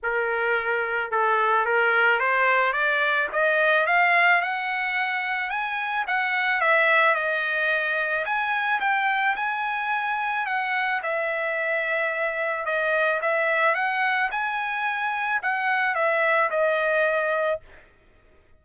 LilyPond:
\new Staff \with { instrumentName = "trumpet" } { \time 4/4 \tempo 4 = 109 ais'2 a'4 ais'4 | c''4 d''4 dis''4 f''4 | fis''2 gis''4 fis''4 | e''4 dis''2 gis''4 |
g''4 gis''2 fis''4 | e''2. dis''4 | e''4 fis''4 gis''2 | fis''4 e''4 dis''2 | }